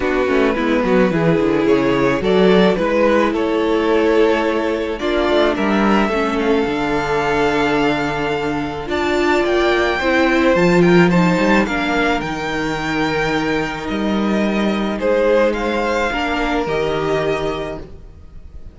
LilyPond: <<
  \new Staff \with { instrumentName = "violin" } { \time 4/4 \tempo 4 = 108 b'2. cis''4 | d''4 b'4 cis''2~ | cis''4 d''4 e''4. f''8~ | f''1 |
a''4 g''2 a''8 g''8 | a''4 f''4 g''2~ | g''4 dis''2 c''4 | f''2 dis''2 | }
  \new Staff \with { instrumentName = "violin" } { \time 4/4 fis'4 e'8 fis'8 gis'2 | a'4 b'4 a'2~ | a'4 f'4 ais'4 a'4~ | a'1 |
d''2 c''4. ais'8 | c''4 ais'2.~ | ais'2. gis'4 | c''4 ais'2. | }
  \new Staff \with { instrumentName = "viola" } { \time 4/4 d'8 cis'8 b4 e'2 | fis'4 e'2.~ | e'4 d'2 cis'4 | d'1 |
f'2 e'4 f'4 | dis'4 d'4 dis'2~ | dis'1~ | dis'4 d'4 g'2 | }
  \new Staff \with { instrumentName = "cello" } { \time 4/4 b8 a8 gis8 fis8 e8 d8 cis4 | fis4 gis4 a2~ | a4 ais8 a8 g4 a4 | d1 |
d'4 ais4 c'4 f4~ | f8 g8 ais4 dis2~ | dis4 g2 gis4~ | gis4 ais4 dis2 | }
>>